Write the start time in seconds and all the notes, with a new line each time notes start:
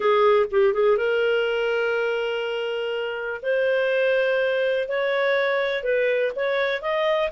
0.00 G#4
0.51 G4
0.73 G#4
0.97 A#4
3.42 C5
4.88 C#5
5.83 B4
6.35 C#5
6.81 D#5